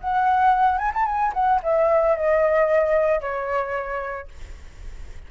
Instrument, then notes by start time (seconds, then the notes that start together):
flute
0.00 F#5
0.78 G#5
0.94 A5
1.05 G#5
1.33 F#5
1.63 E5
2.16 D#5
3.21 C#5